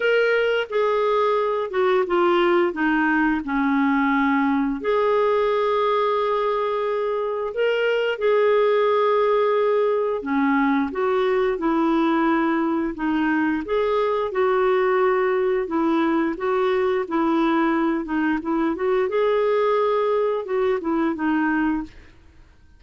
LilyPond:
\new Staff \with { instrumentName = "clarinet" } { \time 4/4 \tempo 4 = 88 ais'4 gis'4. fis'8 f'4 | dis'4 cis'2 gis'4~ | gis'2. ais'4 | gis'2. cis'4 |
fis'4 e'2 dis'4 | gis'4 fis'2 e'4 | fis'4 e'4. dis'8 e'8 fis'8 | gis'2 fis'8 e'8 dis'4 | }